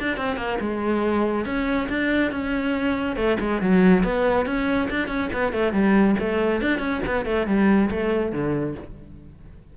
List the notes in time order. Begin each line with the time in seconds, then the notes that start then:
0.00 D4
0.17 C4
0.37 A#3
0.60 G#3
1.46 C#4
1.89 D4
2.31 C#4
3.16 A3
3.40 G#3
3.61 F#3
4.03 B3
4.46 C#4
4.90 D4
5.08 C#4
5.33 B3
5.53 A3
5.73 G3
6.19 A3
6.62 D4
6.79 C#4
7.06 B3
7.25 A3
7.47 G3
7.91 A3
8.32 D3